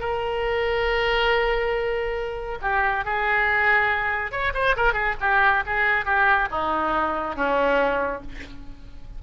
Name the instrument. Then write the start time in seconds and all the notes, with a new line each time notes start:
oboe
0.00 A#4
2.62 G4
3.05 G#4
4.32 C#5
4.54 C5
4.77 A#4
4.93 G#4
5.21 G4
5.66 G#4
6.06 G4
6.51 D#4
7.36 C#4